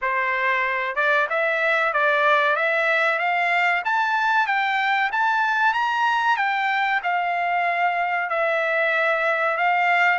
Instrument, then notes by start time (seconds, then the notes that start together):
trumpet
0.01 C5
0.95 D5
1.29 E5
1.93 D5
2.56 E5
3.18 F5
3.84 A5
4.46 G5
5.12 A5
5.73 A#5
6.37 G5
7.03 F5
8.29 E5
9.57 F5